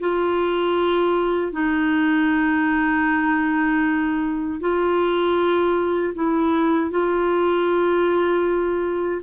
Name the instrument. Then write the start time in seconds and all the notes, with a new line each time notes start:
clarinet
0.00 F4
1.52 D#4
4.60 F4
6.15 E4
6.91 F4